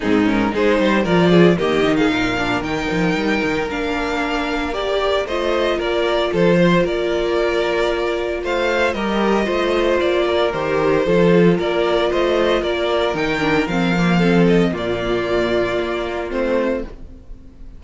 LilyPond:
<<
  \new Staff \with { instrumentName = "violin" } { \time 4/4 \tempo 4 = 114 gis'8 ais'8 c''4 d''4 dis''8. f''16~ | f''4 g''2 f''4~ | f''4 d''4 dis''4 d''4 | c''4 d''2. |
f''4 dis''2 d''4 | c''2 d''4 dis''4 | d''4 g''4 f''4. dis''8 | d''2. c''4 | }
  \new Staff \with { instrumentName = "violin" } { \time 4/4 dis'4 gis'8 c''8 ais'8 gis'8 g'8. gis'16 | ais'1~ | ais'2 c''4 ais'4 | a'8 c''8 ais'2. |
c''4 ais'4 c''4. ais'8~ | ais'4 a'4 ais'4 c''4 | ais'2. a'4 | f'1 | }
  \new Staff \with { instrumentName = "viola" } { \time 4/4 c'8 cis'8 dis'4 f'4 ais8 dis'8~ | dis'8 d'8 dis'2 d'4~ | d'4 g'4 f'2~ | f'1~ |
f'4 g'4 f'2 | g'4 f'2.~ | f'4 dis'8 d'8 c'8 ais8 c'4 | ais2. c'4 | }
  \new Staff \with { instrumentName = "cello" } { \time 4/4 gis,4 gis8 g8 f4 dis4 | ais,4 dis8 f8 g8 dis8 ais4~ | ais2 a4 ais4 | f4 ais2. |
a4 g4 a4 ais4 | dis4 f4 ais4 a4 | ais4 dis4 f2 | ais,2 ais4 a4 | }
>>